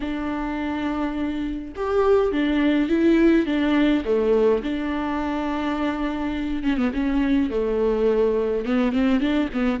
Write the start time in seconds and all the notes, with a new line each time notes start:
0.00 D4
1.75 G4
2.32 D4
2.88 E4
3.46 D4
4.05 A3
4.63 D4
6.63 C#4
6.77 B3
6.93 C#4
7.50 A3
8.65 B3
8.92 C4
9.20 D4
9.53 B3